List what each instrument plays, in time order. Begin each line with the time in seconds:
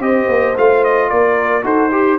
0.00 tuba C4, trombone G4, horn C5, trumpet D#5
0.28 tuba A#3
0.57 tuba A3, trombone F4, trumpet F5
0.84 trumpet D#5
1.10 tuba A#3, horn A#4, trumpet D5
1.63 tuba D#4, trombone F#4, horn A4, trumpet C5
1.91 horn G4, trombone G4